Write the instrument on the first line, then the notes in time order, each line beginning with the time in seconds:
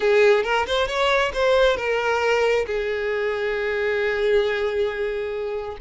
violin
0.00 G#4
0.43 A#4
0.66 C5
0.87 C#5
1.33 C5
1.76 A#4
2.66 G#4